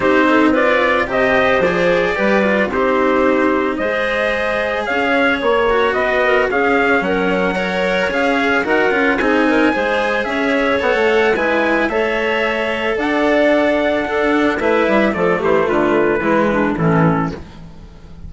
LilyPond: <<
  \new Staff \with { instrumentName = "trumpet" } { \time 4/4 \tempo 4 = 111 c''4 d''4 dis''4 d''4~ | d''4 c''2 dis''4~ | dis''4 f''4 cis''4 dis''4 | f''4 fis''2 f''4 |
fis''4 gis''2 e''4 | fis''4 gis''4 e''2 | fis''2. e''4 | d''8 c''8 b'2 a'4 | }
  \new Staff \with { instrumentName = "clarinet" } { \time 4/4 g'8 a'8 b'4 c''2 | b'4 g'2 c''4~ | c''4 cis''2 b'8 ais'8 | gis'4 ais'4 cis''2 |
ais'4 gis'8 ais'8 c''4 cis''4~ | cis''4 b'4 cis''2 | d''2 a'4 b'4 | a'8 g'8 f'4 e'8 d'8 cis'4 | }
  \new Staff \with { instrumentName = "cello" } { \time 4/4 dis'4 f'4 g'4 gis'4 | g'8 f'8 dis'2 gis'4~ | gis'2~ gis'8 fis'4. | cis'2 ais'4 gis'4 |
fis'8 f'8 dis'4 gis'2 | a'4 e'4 a'2~ | a'2 d'4 e'4 | a2 gis4 e4 | }
  \new Staff \with { instrumentName = "bassoon" } { \time 4/4 c'2 c4 f4 | g4 c'2 gis4~ | gis4 cis'4 ais4 b4 | cis'4 fis2 cis'4 |
dis'8 cis'8 c'4 gis4 cis'4 | b16 a8. gis4 a2 | d'2. a8 g8 | f8 e8 d4 e4 a,4 | }
>>